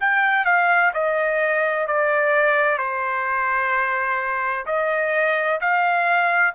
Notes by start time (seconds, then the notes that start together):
0.00 G5
0.45 F5
0.93 D#5
1.87 D5
2.78 C5
4.66 D#5
5.60 F5